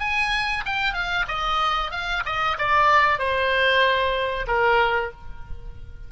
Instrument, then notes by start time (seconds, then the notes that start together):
oboe
0.00 G#5
0.65 G5
0.93 F5
1.28 D#5
1.91 F5
2.25 D#5
2.58 D5
3.19 C5
4.47 A#4